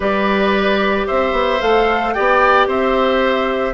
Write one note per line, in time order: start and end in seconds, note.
0.00 1.04 G3
0.00 1.60 G4
0.00 1.06 B4
0.00 1.07 D5
1.07 1.32 C4
1.07 2.14 C5
1.07 1.61 E5
1.32 1.59 B3
1.60 2.16 A3
1.60 2.13 A4
1.60 2.13 F5
2.13 2.67 B3
2.13 3.74 G4
2.13 2.67 D5
2.13 2.67 G5
2.67 3.74 C4
2.67 3.74 C5
2.67 3.74 E5